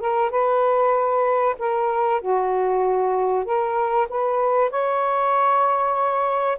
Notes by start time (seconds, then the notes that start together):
0.00 A#4
0.31 B4
1.59 A#4
2.21 F#4
3.45 A#4
4.09 B4
4.71 C#5